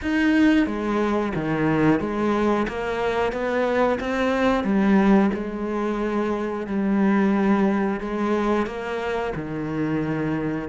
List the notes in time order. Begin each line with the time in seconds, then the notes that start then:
0.02 D#4
0.66 G#3
1.35 D#3
2.00 G#3
2.68 A#3
3.32 B3
4.00 C4
4.63 G3
5.34 G#3
6.67 G3
8.00 G#3
8.66 A#3
9.35 D#3